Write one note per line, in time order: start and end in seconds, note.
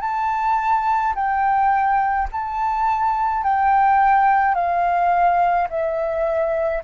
0.00 1.13 A5
1.15 2.28 G5
2.32 3.43 A5
3.43 4.54 G5
4.54 5.68 F5
5.70 6.83 E5